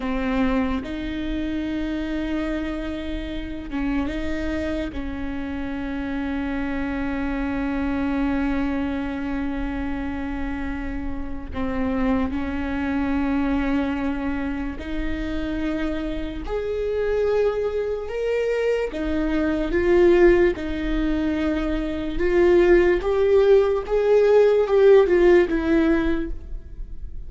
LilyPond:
\new Staff \with { instrumentName = "viola" } { \time 4/4 \tempo 4 = 73 c'4 dis'2.~ | dis'8 cis'8 dis'4 cis'2~ | cis'1~ | cis'2 c'4 cis'4~ |
cis'2 dis'2 | gis'2 ais'4 dis'4 | f'4 dis'2 f'4 | g'4 gis'4 g'8 f'8 e'4 | }